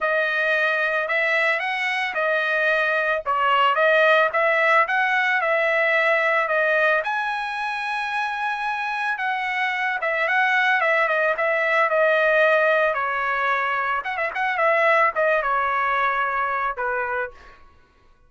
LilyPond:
\new Staff \with { instrumentName = "trumpet" } { \time 4/4 \tempo 4 = 111 dis''2 e''4 fis''4 | dis''2 cis''4 dis''4 | e''4 fis''4 e''2 | dis''4 gis''2.~ |
gis''4 fis''4. e''8 fis''4 | e''8 dis''8 e''4 dis''2 | cis''2 fis''16 e''16 fis''8 e''4 | dis''8 cis''2~ cis''8 b'4 | }